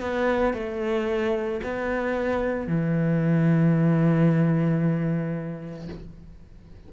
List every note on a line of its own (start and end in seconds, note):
0.00 0.53 B3
0.53 1.60 A3
1.63 2.67 B3
2.67 5.88 E3